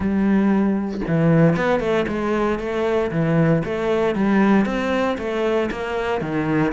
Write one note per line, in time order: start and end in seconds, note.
0.00 1.00 G3
1.07 1.56 E3
1.56 1.80 B3
1.80 2.05 A3
2.08 2.59 G#3
2.59 3.11 A3
3.11 3.63 E3
3.64 4.15 A3
4.15 4.65 G3
4.65 5.17 C4
5.18 5.69 A3
5.71 6.21 A#3
6.21 6.72 D#3